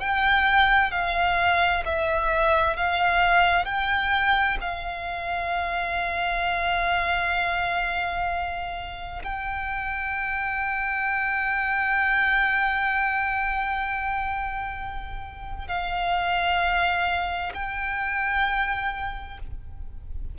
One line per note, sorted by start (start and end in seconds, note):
0.00 0.91 G5
0.91 1.84 F5
1.85 2.77 E5
2.77 3.65 F5
3.65 4.58 G5
4.61 9.23 F5
9.23 15.68 G5
15.68 17.53 F5
17.54 19.38 G5